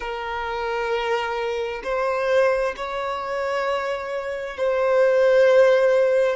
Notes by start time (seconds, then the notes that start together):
0.00 A#4
1.83 C5
2.76 C#5
4.57 C5